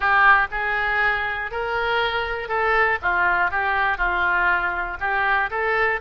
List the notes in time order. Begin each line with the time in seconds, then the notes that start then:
0.00 G4
0.51 G#4
1.51 A#4
2.48 A4
3.02 F4
3.50 G4
3.97 F4
5.00 G4
5.50 A4